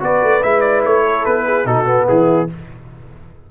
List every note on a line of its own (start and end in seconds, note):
0.00 0.22 B3
0.00 0.41 F#4
0.00 1.05 B4
0.00 0.43 D5
0.22 0.43 A3
0.42 0.85 G#3
0.42 1.65 E4
0.42 0.61 E5
0.61 0.81 D5
0.85 1.26 A3
0.85 1.25 C#5
1.05 1.46 A4
1.25 1.65 B3
1.25 1.66 B4
1.46 1.67 G#4
1.65 2.06 B2
1.65 1.86 D#4
1.65 2.08 F#4
1.65 2.07 A4
1.86 2.47 B3
2.08 2.51 E3
2.08 2.49 E4
2.08 2.49 G#4